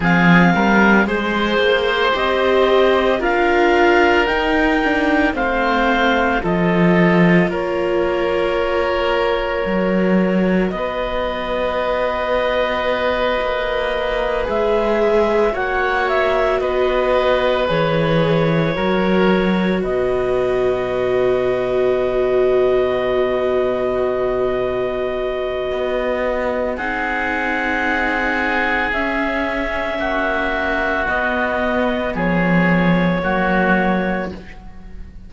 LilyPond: <<
  \new Staff \with { instrumentName = "clarinet" } { \time 4/4 \tempo 4 = 56 f''4 c''4 dis''4 f''4 | g''4 f''4 dis''4 cis''4~ | cis''2 dis''2~ | dis''4. e''4 fis''8 e''8 dis''8~ |
dis''8 cis''2 dis''4.~ | dis''1~ | dis''4 fis''2 e''4~ | e''4 dis''4 cis''2 | }
  \new Staff \with { instrumentName = "oboe" } { \time 4/4 gis'8 ais'8 c''2 ais'4~ | ais'4 c''4 a'4 ais'4~ | ais'2 b'2~ | b'2~ b'8 cis''4 b'8~ |
b'4. ais'4 b'4.~ | b'1~ | b'4 gis'2. | fis'2 gis'4 fis'4 | }
  \new Staff \with { instrumentName = "viola" } { \time 4/4 c'4 gis'4 g'4 f'4 | dis'8 d'8 c'4 f'2~ | f'4 fis'2.~ | fis'4. gis'4 fis'4.~ |
fis'8 gis'4 fis'2~ fis'8~ | fis'1~ | fis'4 dis'2 cis'4~ | cis'4 b2 ais4 | }
  \new Staff \with { instrumentName = "cello" } { \time 4/4 f8 g8 gis8 ais8 c'4 d'4 | dis'4 a4 f4 ais4~ | ais4 fis4 b2~ | b8 ais4 gis4 ais4 b8~ |
b8 e4 fis4 b,4.~ | b,1 | b4 c'2 cis'4 | ais4 b4 f4 fis4 | }
>>